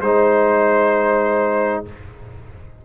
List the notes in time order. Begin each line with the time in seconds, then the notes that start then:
0.00 G#3 D#4 C5